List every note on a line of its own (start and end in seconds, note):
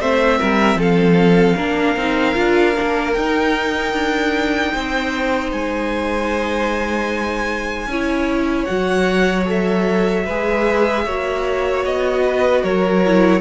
0.00 0.39 A3
0.00 1.58 C4
0.00 0.38 C5
0.00 0.80 E5
0.38 0.75 G3
0.38 0.78 A#4
0.75 1.54 F3
0.75 1.56 A4
0.82 3.13 F5
1.56 1.96 A#3
1.56 1.97 D4
1.56 4.72 A#4
1.96 2.36 C4
1.96 2.35 D#4
2.35 2.76 D4
2.35 2.74 F4
2.75 3.16 A#3
2.75 3.15 D4
3.13 3.93 D#4
3.13 7.92 D#4
3.13 5.50 G5
3.93 4.72 D4
4.73 5.52 C4
4.73 7.88 C5
5.52 7.87 G#3
5.52 8.65 G#5
7.87 8.66 C#4
7.87 8.67 E4
7.87 10.26 C#5
8.65 10.28 F#3
8.65 9.46 F#4
8.65 9.44 F#5
9.46 10.25 A4
9.46 11.85 E5
10.26 11.07 G#3
10.26 11.08 G#4
10.26 11.05 B4
11.05 11.86 A#3
11.05 13.05 F#4
11.05 12.24 C#5
11.85 12.64 B3
11.85 12.63 D#5
12.26 12.63 B4
12.63 13.41 F#3
12.63 13.41 A#4
12.63 13.41 C#5
13.06 13.41 E4